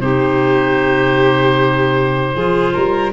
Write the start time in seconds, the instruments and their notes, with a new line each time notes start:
0.00 tuba C3, clarinet D#4, violin G4, oboe C5
2.35 tuba F3, clarinet F4, violin G#4
2.74 tuba G3, violin A#4